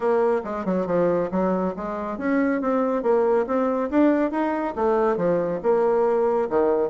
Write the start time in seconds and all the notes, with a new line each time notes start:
0.00 A#3
0.44 G#3
0.65 F#3
0.86 F3
1.31 F#3
1.76 G#3
2.18 C#4
2.61 C4
3.02 A#3
3.46 C4
3.90 D4
4.31 D#4
4.75 A3
5.16 F3
5.62 A#3
6.49 D#3